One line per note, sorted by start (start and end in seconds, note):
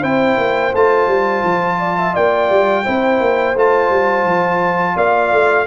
0.00 0.37 C4
0.00 0.72 E4
0.00 1.76 C5
0.00 0.74 G5
0.37 0.73 A#3
0.74 1.07 A3
0.74 2.85 F4
0.74 2.15 A5
1.07 1.43 G3
1.44 2.14 F3
1.79 1.96 D5
1.98 2.14 E5
2.14 2.50 A#3
2.14 2.84 D5
2.14 3.56 G5
2.50 2.85 G3
2.84 3.20 C4
2.84 3.55 E4
2.84 4.95 C5
3.20 3.55 A#3
3.55 3.90 A3
3.55 5.66 F4
3.55 4.97 A5
3.90 4.25 G3
4.25 4.95 F3
4.95 5.31 A#3
4.95 5.65 D5
4.95 5.66 F5
5.31 5.66 A3